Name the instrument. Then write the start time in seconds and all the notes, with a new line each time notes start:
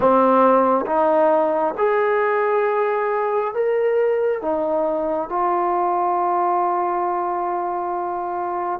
trombone
0.00 C4
0.86 D#4
1.77 G#4
3.53 A#4
4.41 D#4
5.29 F4